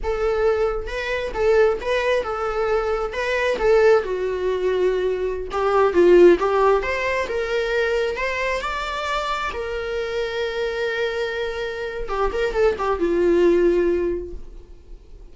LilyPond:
\new Staff \with { instrumentName = "viola" } { \time 4/4 \tempo 4 = 134 a'2 b'4 a'4 | b'4 a'2 b'4 | a'4 fis'2.~ | fis'16 g'4 f'4 g'4 c''8.~ |
c''16 ais'2 c''4 d''8.~ | d''4~ d''16 ais'2~ ais'8.~ | ais'2. g'8 ais'8 | a'8 g'8 f'2. | }